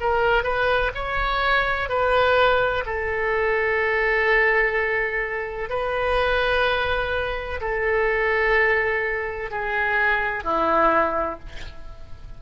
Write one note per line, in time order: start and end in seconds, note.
0.00 0.43 A#4
0.43 0.90 B4
0.94 1.88 C#5
1.88 2.84 B4
2.86 5.69 A4
5.69 7.60 B4
7.60 9.50 A4
9.50 10.44 G#4
10.44 11.39 E4